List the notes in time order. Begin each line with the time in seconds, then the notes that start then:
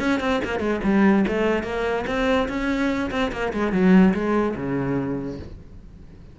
0.00 C#4
0.21 C4
0.45 A#3
0.60 G#3
0.84 G3
1.28 A3
1.64 A#3
2.07 C4
2.49 C#4
3.11 C4
3.33 A#3
3.53 G#3
3.73 F#3
4.14 G#3
4.56 C#3